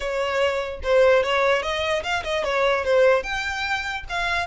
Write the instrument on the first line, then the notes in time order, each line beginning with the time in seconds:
violin
0.00 C#5
0.83 C5
1.23 C#5
1.62 D#5
2.03 F5
2.23 D#5
2.43 C#5
2.84 C5
3.23 G5
4.09 F5